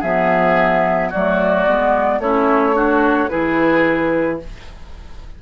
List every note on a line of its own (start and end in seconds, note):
0.00 1.12 F3
0.00 1.13 B3
0.00 1.09 G#4
0.00 1.11 E5
1.10 1.67 F#3
1.10 1.67 A3
1.10 2.19 F#4
1.10 2.20 D5
1.67 2.19 G#3
1.67 2.21 B3
2.19 3.28 A3
2.19 2.74 C#4
2.19 2.76 E4
2.19 3.29 C#5
2.74 3.29 D4
2.74 3.30 F#4
3.29 4.42 E3
3.29 4.39 E4
3.29 4.40 G#4
3.29 4.38 B4